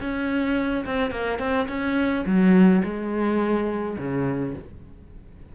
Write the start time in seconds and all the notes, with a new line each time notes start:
0.00 C#4
0.85 C4
1.11 A#3
1.38 C4
1.68 C#4
2.25 F#3
2.84 G#3
3.98 C#3